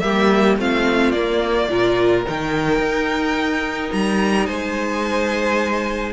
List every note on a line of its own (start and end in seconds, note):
0.00 0.58 G3
0.00 0.59 A#3
0.00 0.58 G4
0.00 0.56 E5
0.58 1.13 A3
0.58 1.14 C4
0.58 1.70 F4
0.58 1.11 F5
1.11 1.68 A#3
1.11 1.70 A#3
1.11 2.22 D5
1.70 2.26 A#2
1.70 2.25 F4
1.70 4.46 A#4
2.26 2.79 D#3
2.26 6.12 D#4
2.26 3.92 G5
2.79 3.90 D#4
3.92 4.48 G3
3.92 4.46 A#5
4.46 6.12 G#3
4.46 6.12 C5
4.46 6.12 G#5